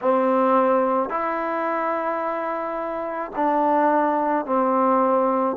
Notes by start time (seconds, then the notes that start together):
0.01 C4
1.09 E4
3.35 D4
4.45 C4